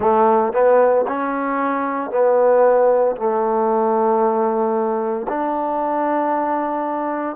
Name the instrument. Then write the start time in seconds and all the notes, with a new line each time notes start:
trombone
0.00 A3
0.53 B3
1.07 C#4
2.11 B3
3.16 A3
5.28 D4